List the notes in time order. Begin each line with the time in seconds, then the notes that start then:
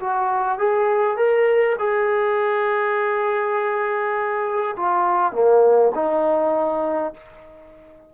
0.00 F#4
0.58 G#4
1.16 A#4
1.78 G#4
4.76 F4
5.32 A#3
5.95 D#4